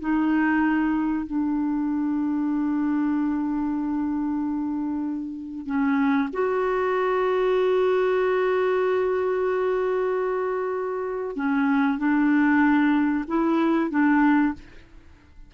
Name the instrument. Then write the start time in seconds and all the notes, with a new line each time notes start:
clarinet
0.00 D#4
1.26 D4
5.66 C#4
6.33 F#4
11.36 C#4
11.99 D4
13.28 E4
13.90 D4